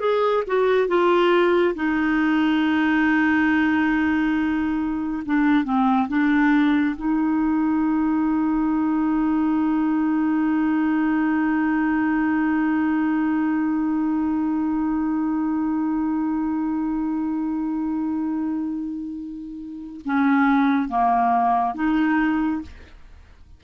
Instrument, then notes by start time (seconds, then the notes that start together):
clarinet
0.00 G#4
0.47 F#4
0.88 F4
1.75 D#4
5.25 D4
5.64 C4
6.08 D4
6.96 D#4
20.05 C#4
20.89 A#3
21.75 D#4